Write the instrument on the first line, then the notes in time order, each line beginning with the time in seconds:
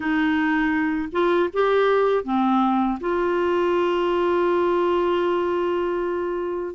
clarinet
0.00 D#4
1.12 F4
1.53 G4
2.24 C4
3.00 F4